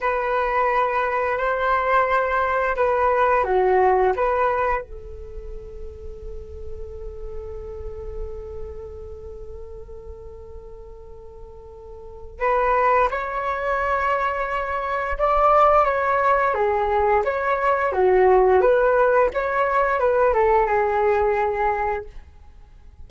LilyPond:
\new Staff \with { instrumentName = "flute" } { \time 4/4 \tempo 4 = 87 b'2 c''2 | b'4 fis'4 b'4 a'4~ | a'1~ | a'1~ |
a'2 b'4 cis''4~ | cis''2 d''4 cis''4 | gis'4 cis''4 fis'4 b'4 | cis''4 b'8 a'8 gis'2 | }